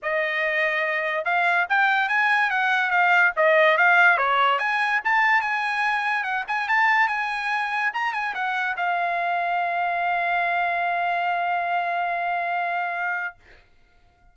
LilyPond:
\new Staff \with { instrumentName = "trumpet" } { \time 4/4 \tempo 4 = 144 dis''2. f''4 | g''4 gis''4 fis''4 f''4 | dis''4 f''4 cis''4 gis''4 | a''4 gis''2 fis''8 gis''8 |
a''4 gis''2 ais''8 gis''8 | fis''4 f''2.~ | f''1~ | f''1 | }